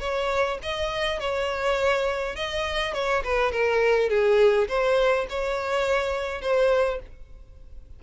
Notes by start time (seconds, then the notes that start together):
0.00 C#5
0.63 D#5
1.20 C#5
2.36 D#5
2.94 C#5
3.24 B4
3.52 A#4
4.10 G#4
4.68 C5
5.30 C#5
6.42 C5